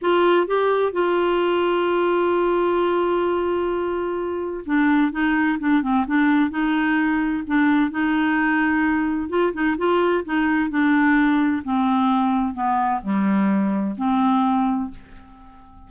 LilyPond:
\new Staff \with { instrumentName = "clarinet" } { \time 4/4 \tempo 4 = 129 f'4 g'4 f'2~ | f'1~ | f'2 d'4 dis'4 | d'8 c'8 d'4 dis'2 |
d'4 dis'2. | f'8 dis'8 f'4 dis'4 d'4~ | d'4 c'2 b4 | g2 c'2 | }